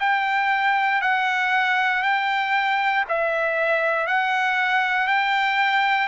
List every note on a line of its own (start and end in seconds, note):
0.00 1.01 G5
1.01 2.03 F#5
2.03 3.05 G5
3.08 4.07 E5
4.07 5.08 F#5
5.08 6.07 G5